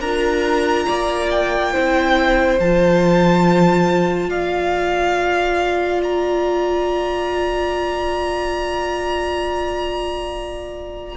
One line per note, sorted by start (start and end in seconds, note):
0.00 0.86 D4
0.00 1.74 F4
0.00 0.86 A#4
0.00 1.30 A#5
0.87 1.75 A#3
0.87 1.73 D5
1.31 2.59 G5
1.73 2.59 C4
1.73 2.59 E4
1.73 4.29 C5
2.59 4.29 F3
2.59 11.17 F4
2.59 4.30 A5
4.29 11.14 A#3
4.29 11.15 D5
4.29 6.01 F5
6.03 11.17 A#5